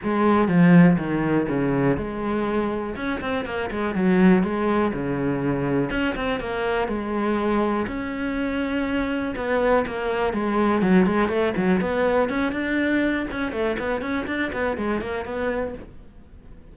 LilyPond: \new Staff \with { instrumentName = "cello" } { \time 4/4 \tempo 4 = 122 gis4 f4 dis4 cis4 | gis2 cis'8 c'8 ais8 gis8 | fis4 gis4 cis2 | cis'8 c'8 ais4 gis2 |
cis'2. b4 | ais4 gis4 fis8 gis8 a8 fis8 | b4 cis'8 d'4. cis'8 a8 | b8 cis'8 d'8 b8 gis8 ais8 b4 | }